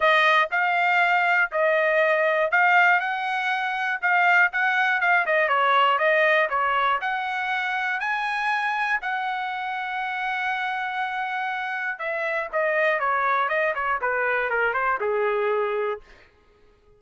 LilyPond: \new Staff \with { instrumentName = "trumpet" } { \time 4/4 \tempo 4 = 120 dis''4 f''2 dis''4~ | dis''4 f''4 fis''2 | f''4 fis''4 f''8 dis''8 cis''4 | dis''4 cis''4 fis''2 |
gis''2 fis''2~ | fis''1 | e''4 dis''4 cis''4 dis''8 cis''8 | b'4 ais'8 c''8 gis'2 | }